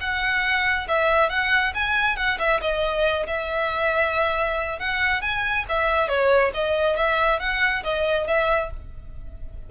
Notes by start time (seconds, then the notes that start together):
0.00 F#5
0.88 E5
1.30 F#5
1.74 G#5
2.16 F#5
2.39 E5
2.61 D#5
3.27 E5
4.79 F#5
5.22 G#5
5.69 E5
6.08 C#5
6.54 D#5
6.96 E5
7.40 F#5
7.84 D#5
8.27 E5